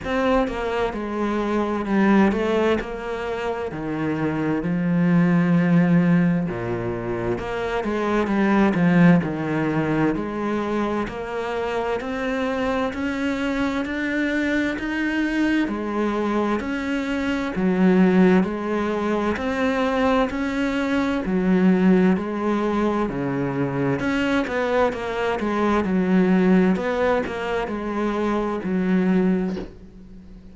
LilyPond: \new Staff \with { instrumentName = "cello" } { \time 4/4 \tempo 4 = 65 c'8 ais8 gis4 g8 a8 ais4 | dis4 f2 ais,4 | ais8 gis8 g8 f8 dis4 gis4 | ais4 c'4 cis'4 d'4 |
dis'4 gis4 cis'4 fis4 | gis4 c'4 cis'4 fis4 | gis4 cis4 cis'8 b8 ais8 gis8 | fis4 b8 ais8 gis4 fis4 | }